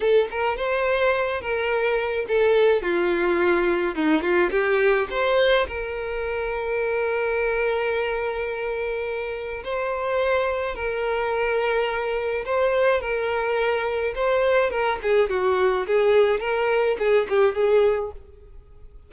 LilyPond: \new Staff \with { instrumentName = "violin" } { \time 4/4 \tempo 4 = 106 a'8 ais'8 c''4. ais'4. | a'4 f'2 dis'8 f'8 | g'4 c''4 ais'2~ | ais'1~ |
ais'4 c''2 ais'4~ | ais'2 c''4 ais'4~ | ais'4 c''4 ais'8 gis'8 fis'4 | gis'4 ais'4 gis'8 g'8 gis'4 | }